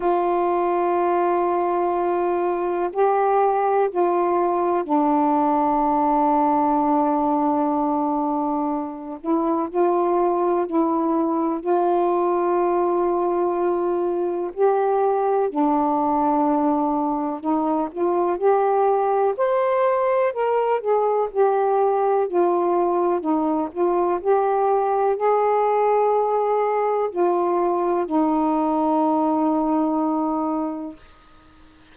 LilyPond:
\new Staff \with { instrumentName = "saxophone" } { \time 4/4 \tempo 4 = 62 f'2. g'4 | f'4 d'2.~ | d'4. e'8 f'4 e'4 | f'2. g'4 |
d'2 dis'8 f'8 g'4 | c''4 ais'8 gis'8 g'4 f'4 | dis'8 f'8 g'4 gis'2 | f'4 dis'2. | }